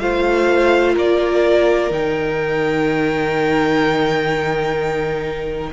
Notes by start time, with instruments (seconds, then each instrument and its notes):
0.00 cello A3, viola F4, violin C5 F5
0.94 cello A#3, violin A#4 D5
1.91 cello D#3, viola D#4, violin G5